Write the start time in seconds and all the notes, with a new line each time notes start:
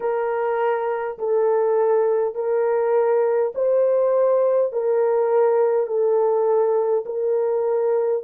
0.00 A#4
1.18 A4
2.35 A#4
3.55 C5
4.72 A#4
5.86 A4
7.05 A#4